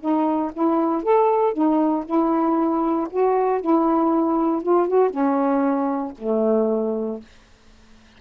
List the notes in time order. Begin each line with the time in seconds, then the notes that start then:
0.00 D#4
0.53 E4
1.03 A4
1.53 D#4
2.05 E4
3.10 F#4
3.61 E4
4.62 F4
4.88 F#4
5.10 C#4
6.18 A3